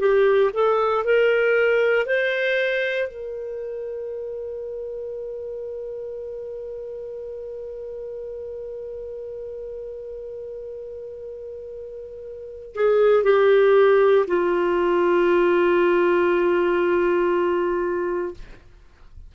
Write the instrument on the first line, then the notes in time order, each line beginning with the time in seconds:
clarinet
0.00 G4
0.54 A4
1.04 A#4
2.06 C5
3.08 A#4
12.74 G#4
13.24 G4
14.27 F4